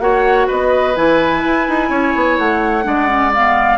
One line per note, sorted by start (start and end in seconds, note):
0.00 0.47 A#3
0.00 0.95 F#4
0.00 0.48 C#5
0.00 0.48 F#5
0.48 0.97 B3
0.48 1.89 B4
0.48 0.97 D#5
0.96 1.44 E3
0.96 2.84 E4
0.96 2.38 G#5
1.45 1.69 E4
1.69 1.90 D#4
1.90 2.14 C#4
1.90 2.85 C#5
2.16 2.39 B3
2.38 2.85 A3
2.38 3.33 F#5
2.84 3.79 G#3
2.84 3.08 D4
2.84 3.79 D5
3.08 3.31 C#4
3.34 3.79 B3
3.34 3.79 F5